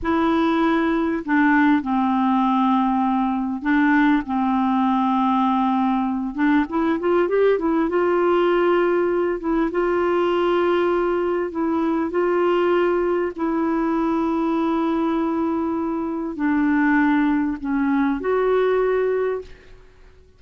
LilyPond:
\new Staff \with { instrumentName = "clarinet" } { \time 4/4 \tempo 4 = 99 e'2 d'4 c'4~ | c'2 d'4 c'4~ | c'2~ c'8 d'8 e'8 f'8 | g'8 e'8 f'2~ f'8 e'8 |
f'2. e'4 | f'2 e'2~ | e'2. d'4~ | d'4 cis'4 fis'2 | }